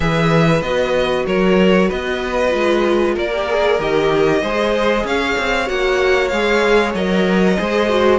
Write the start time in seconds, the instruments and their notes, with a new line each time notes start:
0.00 cello E3, viola G#4, violin B4 E5
0.61 cello B3, viola F#4, violin D#5
1.26 cello F#3, violin A#4 C#5
1.88 cello B3, violin B4 D#5
2.49 cello G#3, viola F4
3.14 cello A#3, violin A#4 D5
3.32 viola G4
3.49 viola G#4
3.79 cello D#3, viola G4, violin D#5
4.41 cello G#3, viola G#4, violin C5
5.04 cello C#4, violin C#5 F5
5.37 cello C4
5.66 cello A#3, viola F#4, violin F#5
6.28 cello G#3, viola G#4, violin F5
6.94 cello F#3, viola A#4, violin D#5
7.57 cello G#3, viola G#4, violin C5
7.89 viola F#4